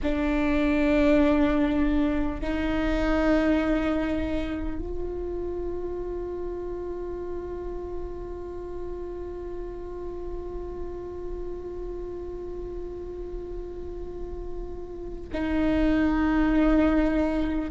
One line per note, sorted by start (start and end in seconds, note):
0.02 2.41 D4
2.41 4.78 D#4
4.78 15.28 F4
15.33 17.70 D#4